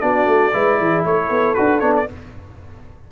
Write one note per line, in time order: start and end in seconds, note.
0.00 0.26 B3
0.00 0.52 D4
0.00 0.53 F#4
0.00 1.04 D5
0.26 0.52 A3
0.53 0.80 G#3
0.53 1.56 E4
0.53 0.79 B4
0.80 1.04 E3
0.80 1.06 G#4
1.04 1.30 A3
1.04 2.11 A4
1.04 1.54 C#5
1.30 1.55 B3
1.54 1.81 D4
1.54 1.80 F#4
1.54 1.79 B4
1.79 2.07 B3
1.79 2.06 D4
1.79 1.92 C#5
1.96 2.09 D5